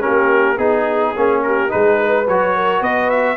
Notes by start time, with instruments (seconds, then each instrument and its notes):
0.00 tuba A#3, trombone C#4, horn G4, trumpet A#4
0.57 tuba B3, trombone D#4, horn G#4, trumpet G#4
1.16 tuba A#3, trombone C#4
1.42 horn G4, trumpet A#4
1.68 tuba G#3, trombone D#4, horn G#4, trumpet B4
2.00 horn B4
2.28 tuba F#3, trombone F#4, trumpet C#5
2.56 horn A#4
2.80 tuba B3, horn B4, trumpet D#5
3.10 trumpet E5